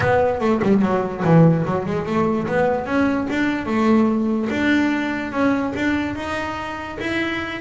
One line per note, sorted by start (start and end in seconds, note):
0.00 0.40 B3
0.40 0.61 A3
0.62 0.82 G3
0.82 1.23 F#3
1.23 1.65 E3
1.65 1.86 F#3
1.86 2.05 G#3
2.05 2.47 A3
2.47 2.86 B3
2.86 3.27 C#4
3.30 3.66 D4
3.66 4.48 A3
4.50 5.32 D4
5.32 5.73 C#4
5.75 6.15 D4
6.15 6.98 D#4
7.00 7.61 E4